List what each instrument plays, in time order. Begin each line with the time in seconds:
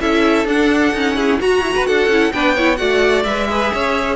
0.00 cello C#4, viola E4, violin A4 E5
0.45 cello D4, viola D4, violin F#5
0.93 viola C#4, cello D#4
1.16 cello E4, violin G#4
1.41 viola F#4, violin F#4 A#5, cello F#4
1.61 cello E4
1.75 cello F#4, violin B4
1.87 cello D4, violin A4 F#5
2.08 cello C#4, viola E4
2.33 cello B3, viola D4, violin B4 G5
2.55 viola E4, violin C#5
2.77 cello A3, viola F#4, violin D5 F#5
3.24 cello G#3, viola B4, violin E5
3.49 viola G#4, violin B4
3.74 cello C#4, violin C#5